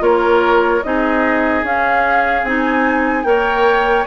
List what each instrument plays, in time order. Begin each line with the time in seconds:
0.00 bassoon A#3, clarinet F4, oboe A#4, flute C#5
0.84 bassoon C4, clarinet D#4, oboe G#4, flute D#5
1.63 bassoon C#4, clarinet C#4, flute F5
2.43 bassoon C4, clarinet D#4, flute G#5
3.24 bassoon A#3, clarinet A#4, oboe C#5, flute G5